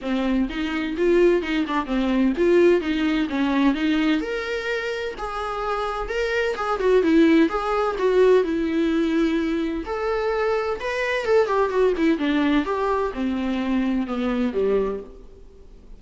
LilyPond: \new Staff \with { instrumentName = "viola" } { \time 4/4 \tempo 4 = 128 c'4 dis'4 f'4 dis'8 d'8 | c'4 f'4 dis'4 cis'4 | dis'4 ais'2 gis'4~ | gis'4 ais'4 gis'8 fis'8 e'4 |
gis'4 fis'4 e'2~ | e'4 a'2 b'4 | a'8 g'8 fis'8 e'8 d'4 g'4 | c'2 b4 g4 | }